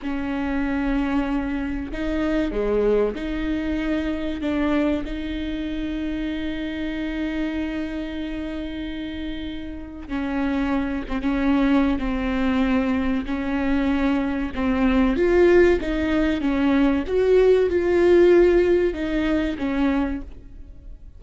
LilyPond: \new Staff \with { instrumentName = "viola" } { \time 4/4 \tempo 4 = 95 cis'2. dis'4 | gis4 dis'2 d'4 | dis'1~ | dis'1 |
cis'4. c'16 cis'4~ cis'16 c'4~ | c'4 cis'2 c'4 | f'4 dis'4 cis'4 fis'4 | f'2 dis'4 cis'4 | }